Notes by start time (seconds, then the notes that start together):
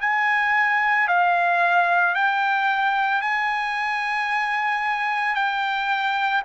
0.00 G#5
1.08 F5
2.14 G5
3.21 G#5
5.35 G5